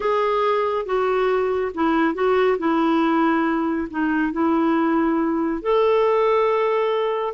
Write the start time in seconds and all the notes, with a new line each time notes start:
0.00 G#4
0.85 F#4
1.74 E4
2.14 F#4
2.58 E4
3.90 D#4
4.32 E4
5.62 A4